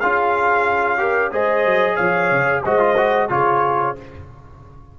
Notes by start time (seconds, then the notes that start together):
0.00 C#4 F4 G#4 F5
0.98 G4 A#4
1.32 G#3 G#4 C5 D#5
1.66 F#3
1.96 F3 C#5 F5
2.31 C#3
2.65 G#3 F#4 C5 D#5
2.80 F4
2.97 F#4
3.30 C#3 F4 G#4 C#5